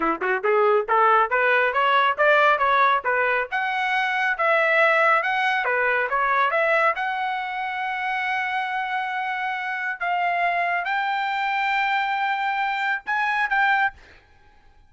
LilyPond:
\new Staff \with { instrumentName = "trumpet" } { \time 4/4 \tempo 4 = 138 e'8 fis'8 gis'4 a'4 b'4 | cis''4 d''4 cis''4 b'4 | fis''2 e''2 | fis''4 b'4 cis''4 e''4 |
fis''1~ | fis''2. f''4~ | f''4 g''2.~ | g''2 gis''4 g''4 | }